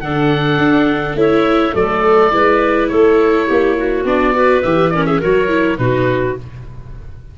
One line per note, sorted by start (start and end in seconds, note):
0.00 0.58 D3
0.00 1.17 D4
0.00 1.17 A4
0.00 1.15 F#5
0.58 1.14 D4
1.14 1.72 A3
1.14 1.72 E4
1.14 1.75 C#5
1.14 1.75 E5
1.72 2.32 F#3
1.72 2.30 A3
1.72 2.33 A4
1.72 2.88 D5
2.31 2.90 G#3
2.31 4.04 E4
2.31 2.90 B4
2.88 3.48 A3
2.88 3.47 A4
2.88 4.03 C#5
3.47 4.04 A#3
3.47 3.75 G4
3.77 4.34 F#4
4.04 4.62 B3
4.04 4.34 D4
4.04 4.62 D5
4.34 4.63 F#4
4.34 4.92 B4
4.62 5.22 E3
4.62 4.93 G4
4.62 4.90 E5
4.90 5.21 C#4
4.90 5.06 A#4
4.90 5.04 D5
5.05 5.19 G#4
5.05 5.20 E5
5.19 5.78 F#3
5.19 5.48 F#4
5.19 5.77 A#4
5.19 5.78 C#5
5.48 5.77 E4
5.77 6.36 B2
5.77 6.35 D#4
5.77 6.38 F#4
5.77 6.35 B4